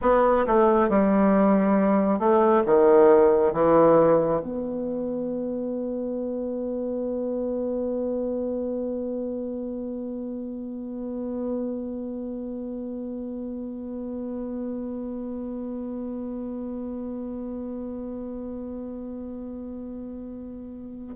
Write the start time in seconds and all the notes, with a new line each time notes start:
0.01 B3
0.47 A3
0.89 G3
2.19 A3
2.66 D#3
3.52 E3
4.42 B3